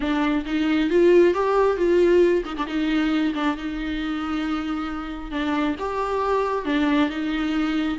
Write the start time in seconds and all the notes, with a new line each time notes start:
0.00 D4
0.45 D#4
0.90 F4
1.34 G4
1.76 F4
2.45 D#4
2.56 D4
2.66 D#4
3.34 D4
3.56 D#4
5.31 D4
5.79 G4
6.65 D4
7.09 D#4